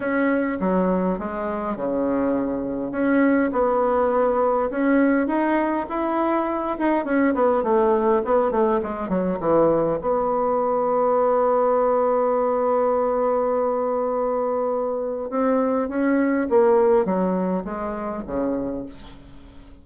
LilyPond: \new Staff \with { instrumentName = "bassoon" } { \time 4/4 \tempo 4 = 102 cis'4 fis4 gis4 cis4~ | cis4 cis'4 b2 | cis'4 dis'4 e'4. dis'8 | cis'8 b8 a4 b8 a8 gis8 fis8 |
e4 b2.~ | b1~ | b2 c'4 cis'4 | ais4 fis4 gis4 cis4 | }